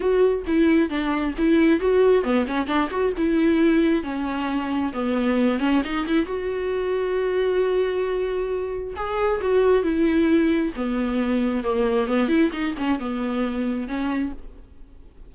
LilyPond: \new Staff \with { instrumentName = "viola" } { \time 4/4 \tempo 4 = 134 fis'4 e'4 d'4 e'4 | fis'4 b8 cis'8 d'8 fis'8 e'4~ | e'4 cis'2 b4~ | b8 cis'8 dis'8 e'8 fis'2~ |
fis'1 | gis'4 fis'4 e'2 | b2 ais4 b8 e'8 | dis'8 cis'8 b2 cis'4 | }